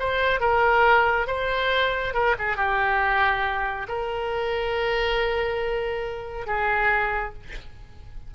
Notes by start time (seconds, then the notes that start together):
0.00 C5
0.41 A#4
1.28 C5
2.14 A#4
2.39 G#4
2.57 G4
3.89 A#4
6.47 G#4